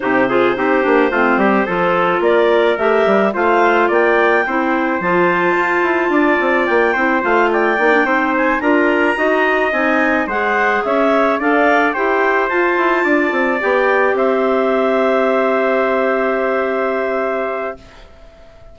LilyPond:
<<
  \new Staff \with { instrumentName = "clarinet" } { \time 4/4 \tempo 4 = 108 c''1 | d''4 e''4 f''4 g''4~ | g''4 a''2. | g''4 f''8 g''4. gis''8 ais''8~ |
ais''4. gis''4 fis''4 e''8~ | e''8 f''4 g''4 a''4.~ | a''8 g''4 e''2~ e''8~ | e''1 | }
  \new Staff \with { instrumentName = "trumpet" } { \time 4/4 g'8 gis'8 g'4 f'8 g'8 a'4 | ais'2 c''4 d''4 | c''2. d''4~ | d''8 c''4 d''4 c''4 ais'8~ |
ais'8 dis''2 c''4 cis''8~ | cis''8 d''4 c''2 d''8~ | d''4. c''2~ c''8~ | c''1 | }
  \new Staff \with { instrumentName = "clarinet" } { \time 4/4 dis'8 f'8 dis'8 d'8 c'4 f'4~ | f'4 g'4 f'2 | e'4 f'2.~ | f'8 e'8 f'4 dis'16 d'16 dis'4 f'8~ |
f'8 fis'4 dis'4 gis'4.~ | gis'8 a'4 g'4 f'4.~ | f'8 g'2.~ g'8~ | g'1 | }
  \new Staff \with { instrumentName = "bassoon" } { \time 4/4 c4 c'8 ais8 a8 g8 f4 | ais4 a8 g8 a4 ais4 | c'4 f4 f'8 e'8 d'8 c'8 | ais8 c'8 a4 ais8 c'4 d'8~ |
d'8 dis'4 c'4 gis4 cis'8~ | cis'8 d'4 e'4 f'8 e'8 d'8 | c'8 b4 c'2~ c'8~ | c'1 | }
>>